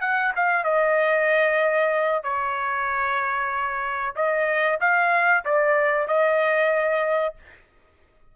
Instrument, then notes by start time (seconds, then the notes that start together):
trumpet
0.00 F#5
0.35 F5
0.64 D#5
2.23 C#5
4.15 D#5
4.80 F5
5.45 D5
6.07 D#5